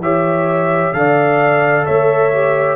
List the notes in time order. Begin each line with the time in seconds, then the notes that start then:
0.00 E3 G4 C#5 E5
0.94 D3 A4 D5 F5
1.86 A3 C#5 E5
2.33 G4